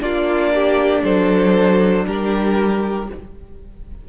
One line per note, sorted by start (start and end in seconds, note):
0.00 1.03 A#3
0.00 3.05 D4
0.00 0.53 F4
0.00 1.04 D5
0.54 1.04 G4
1.04 2.06 F#3
1.04 2.06 A4
1.04 2.06 C5
2.06 3.09 G3
2.06 3.09 G4
2.06 3.08 A#4